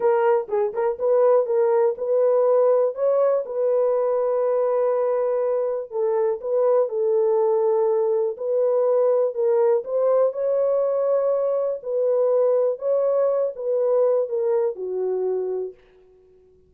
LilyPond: \new Staff \with { instrumentName = "horn" } { \time 4/4 \tempo 4 = 122 ais'4 gis'8 ais'8 b'4 ais'4 | b'2 cis''4 b'4~ | b'1 | a'4 b'4 a'2~ |
a'4 b'2 ais'4 | c''4 cis''2. | b'2 cis''4. b'8~ | b'4 ais'4 fis'2 | }